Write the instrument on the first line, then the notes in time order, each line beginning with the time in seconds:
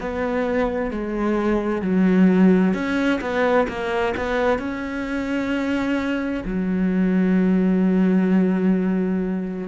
cello
0.00 B3
0.91 G#3
1.82 F#3
2.74 C#4
3.21 B3
3.68 A#3
4.16 B3
4.58 C#4
6.45 F#3